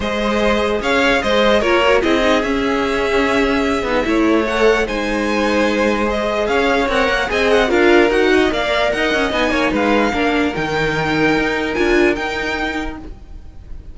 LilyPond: <<
  \new Staff \with { instrumentName = "violin" } { \time 4/4 \tempo 4 = 148 dis''2 f''4 dis''4 | cis''4 dis''4 e''2~ | e''2. fis''4 | gis''2. dis''4 |
f''4 fis''4 gis''8 fis''8 f''4 | fis''4 f''4 fis''4 gis''4 | f''2 g''2~ | g''4 gis''4 g''2 | }
  \new Staff \with { instrumentName = "violin" } { \time 4/4 c''2 cis''4 c''4 | ais'4 gis'2.~ | gis'2 cis''2 | c''1 |
cis''2 dis''4 ais'4~ | ais'8 dis''8 d''4 dis''4. cis''8 | b'4 ais'2.~ | ais'1 | }
  \new Staff \with { instrumentName = "viola" } { \time 4/4 gis'1 | f'8 fis'8 e'8 dis'8 cis'2~ | cis'4. dis'8 e'4 a'4 | dis'2. gis'4~ |
gis'4 ais'4 gis'4 f'4 | fis'4 ais'2 dis'4~ | dis'4 d'4 dis'2~ | dis'4 f'4 dis'2 | }
  \new Staff \with { instrumentName = "cello" } { \time 4/4 gis2 cis'4 gis4 | ais4 c'4 cis'2~ | cis'4. b8 a2 | gis1 |
cis'4 c'8 ais8 c'4 d'4 | dis'4 ais4 dis'8 cis'8 b8 ais8 | gis4 ais4 dis2 | dis'4 d'4 dis'2 | }
>>